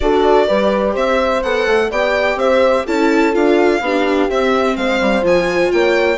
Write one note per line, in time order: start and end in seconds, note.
0.00 0.49 D4
0.00 0.47 F#4
0.00 0.46 A4
0.00 0.95 D5
0.46 0.95 G3
0.46 1.43 G4
0.46 0.93 B4
0.93 1.43 C4
0.93 1.88 C5
0.93 1.42 E5
1.42 1.66 B3
1.42 1.91 A4
1.42 1.90 F#5
1.66 1.90 A3
1.90 2.36 B3
1.90 2.86 G4
1.90 2.38 D5
1.90 2.38 G5
2.36 2.83 C4
2.36 2.85 C5
2.36 2.86 E5
2.85 3.35 C#4
2.85 3.32 E4
2.85 3.80 A4
2.85 3.34 A5
3.32 3.80 D4
3.32 3.80 F4
3.32 4.29 F5
3.80 4.28 B3
3.80 4.29 D4
3.80 4.76 G4
4.29 5.21 C4
4.29 4.76 C4
4.29 4.76 E5
4.76 5.00 G#3
4.76 5.71 C5
4.76 5.24 F5
5.00 5.23 G3
5.21 5.70 F3
5.21 6.16 F4
5.21 5.71 G#5
5.71 6.17 A#3
5.71 6.17 C#5
5.71 6.17 G5